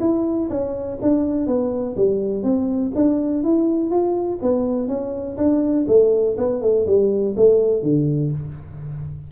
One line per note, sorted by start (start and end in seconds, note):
0.00 0.49 E4
0.50 0.98 C#4
1.02 1.47 D4
1.47 1.96 B3
1.96 2.43 G3
2.43 2.92 C4
2.95 3.43 D4
3.43 3.90 E4
3.90 4.39 F4
4.42 4.88 B3
4.88 5.37 C#4
5.37 5.86 D4
5.87 6.36 A3
6.37 6.61 B3
6.61 6.86 A3
6.86 7.35 G3
7.36 7.82 A3
7.82 8.31 D3